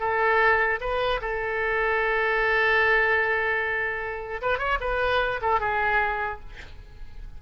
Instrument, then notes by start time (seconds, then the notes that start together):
oboe
0.00 A4
0.81 B4
1.22 A4
4.42 B4
4.59 C#5
4.81 B4
5.42 A4
5.60 G#4